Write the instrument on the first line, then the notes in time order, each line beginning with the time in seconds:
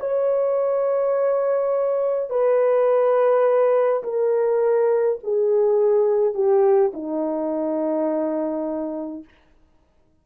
horn
0.00 C#5
2.30 B4
4.04 A#4
5.24 G#4
6.35 G4
6.94 D#4